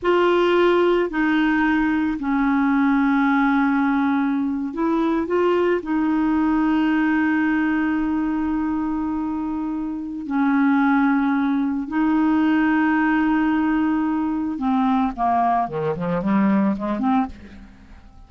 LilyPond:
\new Staff \with { instrumentName = "clarinet" } { \time 4/4 \tempo 4 = 111 f'2 dis'2 | cis'1~ | cis'8. e'4 f'4 dis'4~ dis'16~ | dis'1~ |
dis'2. cis'4~ | cis'2 dis'2~ | dis'2. c'4 | ais4 dis8 f8 g4 gis8 c'8 | }